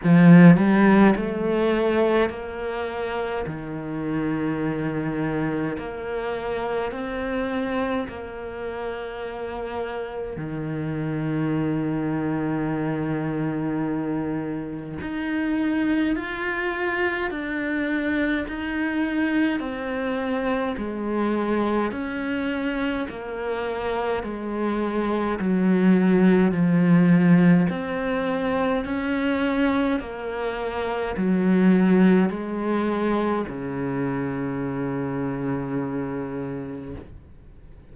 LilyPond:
\new Staff \with { instrumentName = "cello" } { \time 4/4 \tempo 4 = 52 f8 g8 a4 ais4 dis4~ | dis4 ais4 c'4 ais4~ | ais4 dis2.~ | dis4 dis'4 f'4 d'4 |
dis'4 c'4 gis4 cis'4 | ais4 gis4 fis4 f4 | c'4 cis'4 ais4 fis4 | gis4 cis2. | }